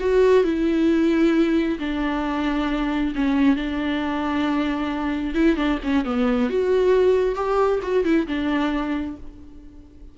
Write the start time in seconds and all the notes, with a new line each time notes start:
0.00 F#4
0.44 E4
1.79 D4
3.15 C#4
3.56 D4
5.34 E4
5.56 D4
5.84 C#4
6.04 B3
6.49 F#4
7.35 G4
7.82 F#4
8.04 E4
8.27 D4